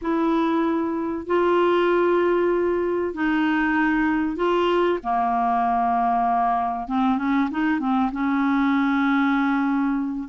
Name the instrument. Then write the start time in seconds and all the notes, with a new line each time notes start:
clarinet
0.01 E4
1.26 F4
3.14 D#4
4.36 F4
5.03 A#3
6.88 C4
7.18 C#4
7.50 D#4
7.79 C4
8.12 C#4